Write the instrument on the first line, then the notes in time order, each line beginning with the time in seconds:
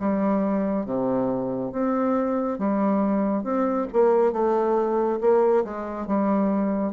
bassoon
0.00 G3
0.86 C3
1.72 C4
2.59 G3
3.44 C4
3.93 A#3
4.33 A3
5.21 A#3
5.65 G#3
6.07 G3